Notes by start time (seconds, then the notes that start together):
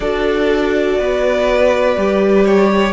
0.00 D4 F#4 A4 D5
0.98 B3 B4
1.96 G3 G4
2.45 C#5